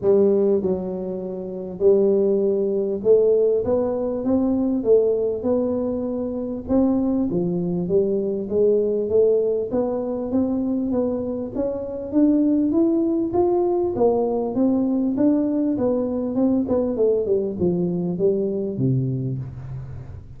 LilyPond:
\new Staff \with { instrumentName = "tuba" } { \time 4/4 \tempo 4 = 99 g4 fis2 g4~ | g4 a4 b4 c'4 | a4 b2 c'4 | f4 g4 gis4 a4 |
b4 c'4 b4 cis'4 | d'4 e'4 f'4 ais4 | c'4 d'4 b4 c'8 b8 | a8 g8 f4 g4 c4 | }